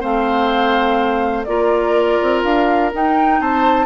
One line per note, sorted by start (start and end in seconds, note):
0.00 1.47 A3
0.00 1.45 C4
0.00 1.45 C5
0.00 1.44 F5
1.44 2.19 A#3
1.44 2.92 F4
1.44 3.41 A#4
1.44 2.41 D5
2.22 2.44 C4
2.43 2.92 D4
2.43 2.92 F5
2.92 3.86 D#4
2.92 3.40 D#4
2.92 3.41 G5
3.40 3.86 C4
3.40 3.86 C5
3.40 3.86 A5